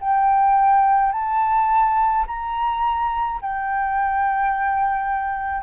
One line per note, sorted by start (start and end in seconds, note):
0.00 1.12 G5
1.12 2.25 A5
2.26 3.40 A#5
3.41 5.63 G5